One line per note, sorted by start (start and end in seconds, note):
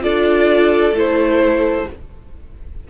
0.00 0.92 D4
0.00 0.92 F4
0.00 1.88 A4
0.00 0.95 D5
0.92 1.84 A3
0.92 1.87 E4
0.92 1.90 C5